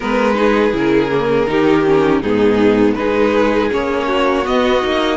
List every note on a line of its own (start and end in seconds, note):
0.00 0.73 G#3
0.00 0.34 B3
0.00 0.35 A#4
0.00 0.76 B4
0.34 0.71 D#4
0.34 1.49 G#4
0.72 1.47 C#3
0.72 1.09 E4
0.72 2.22 A#4
1.10 1.46 A#3
1.46 2.22 D#3
1.46 1.83 D#4
1.46 2.21 G4
1.85 2.22 C#4
2.21 2.96 G#2
2.21 2.97 B3
2.21 2.96 D#4
2.21 2.94 G#4
2.94 3.70 G#3
2.94 3.70 D#4
2.94 4.07 G#4
2.94 3.68 B4
3.70 4.46 A#3
3.70 4.44 C#4
3.70 4.47 C#5
4.07 5.17 F#4
4.44 4.81 B3
4.44 4.83 B3
4.44 5.17 D#5
4.82 5.17 A#3
4.82 5.17 D#4